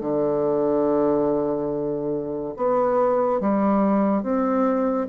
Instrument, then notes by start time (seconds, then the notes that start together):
bassoon
0.00 D3
2.56 B3
3.40 G3
4.23 C4